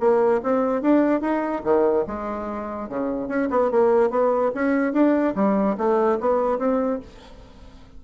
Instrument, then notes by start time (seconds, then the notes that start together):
bassoon
0.00 A#3
0.43 C4
0.82 D4
1.21 D#4
1.64 D#3
2.07 G#3
2.89 C#3
3.28 C#4
3.51 B3
3.71 A#3
4.10 B3
4.55 C#4
4.93 D4
5.36 G3
5.78 A3
6.20 B3
6.59 C4